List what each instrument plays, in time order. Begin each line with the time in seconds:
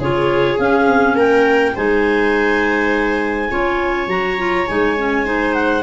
0.00 tuba C#3, clarinet F4 C#5, viola G#4
0.59 clarinet C#4 F5, tuba C#4
0.87 tuba C4
1.16 tuba A#3, viola A#4, clarinet G5
1.75 tuba G#3, clarinet D#4 G#5, viola C5
3.50 tuba C#4, clarinet F4, viola C#5
4.08 tuba F#3, clarinet F#4 A#5
4.38 clarinet F4
4.68 tuba G#3, clarinet D#4 G#5
4.97 clarinet C#4
5.25 clarinet D#4, viola C5
5.54 clarinet F#5